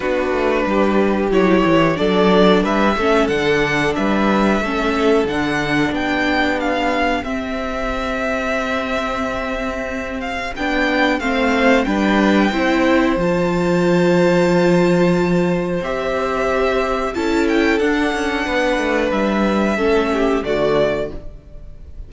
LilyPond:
<<
  \new Staff \with { instrumentName = "violin" } { \time 4/4 \tempo 4 = 91 b'2 cis''4 d''4 | e''4 fis''4 e''2 | fis''4 g''4 f''4 e''4~ | e''2.~ e''8 f''8 |
g''4 f''4 g''2 | a''1 | e''2 a''8 g''8 fis''4~ | fis''4 e''2 d''4 | }
  \new Staff \with { instrumentName = "violin" } { \time 4/4 fis'4 g'2 a'4 | b'8 a'4. b'4 a'4~ | a'4 g'2.~ | g'1~ |
g'4 c''4 b'4 c''4~ | c''1~ | c''2 a'2 | b'2 a'8 g'8 fis'4 | }
  \new Staff \with { instrumentName = "viola" } { \time 4/4 d'2 e'4 d'4~ | d'8 cis'8 d'2 cis'4 | d'2. c'4~ | c'1 |
d'4 c'4 d'4 e'4 | f'1 | g'2 e'4 d'4~ | d'2 cis'4 a4 | }
  \new Staff \with { instrumentName = "cello" } { \time 4/4 b8 a8 g4 fis8 e8 fis4 | g8 a8 d4 g4 a4 | d4 b2 c'4~ | c'1 |
b4 a4 g4 c'4 | f1 | c'2 cis'4 d'8 cis'8 | b8 a8 g4 a4 d4 | }
>>